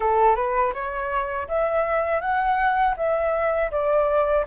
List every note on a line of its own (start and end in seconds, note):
0.00 0.35 A4
0.35 0.72 B4
0.73 1.47 C#5
1.47 2.21 E5
2.21 2.95 F#5
2.96 3.70 E5
3.71 4.45 D5